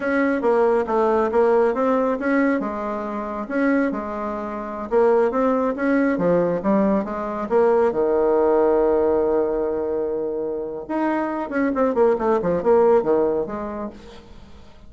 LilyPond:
\new Staff \with { instrumentName = "bassoon" } { \time 4/4 \tempo 4 = 138 cis'4 ais4 a4 ais4 | c'4 cis'4 gis2 | cis'4 gis2~ gis16 ais8.~ | ais16 c'4 cis'4 f4 g8.~ |
g16 gis4 ais4 dis4.~ dis16~ | dis1~ | dis4 dis'4. cis'8 c'8 ais8 | a8 f8 ais4 dis4 gis4 | }